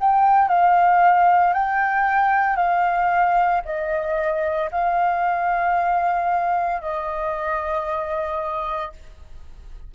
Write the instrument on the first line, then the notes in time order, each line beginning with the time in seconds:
flute
0.00 G5
0.48 F5
1.54 G5
2.56 F5
3.65 D#5
4.71 F5
6.81 D#5